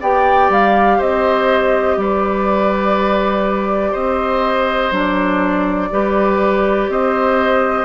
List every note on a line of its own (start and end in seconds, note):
0.00 0.49 B3
0.00 4.92 G4
0.00 0.98 D5
0.00 0.51 G5
0.49 0.98 G3
0.49 1.01 F5
0.98 1.97 C4
0.98 1.96 C5
0.98 1.99 D#5
1.97 3.93 G3
1.97 3.92 B4
1.97 3.94 D5
3.92 4.91 C4
3.92 5.89 C5
3.92 4.92 D#5
4.91 5.90 F#3
4.91 5.90 D4
4.91 6.91 D5
5.91 6.89 G3
5.91 7.85 G4
5.91 6.91 B4
6.89 7.85 C4
6.89 7.85 C5
6.89 7.85 D#5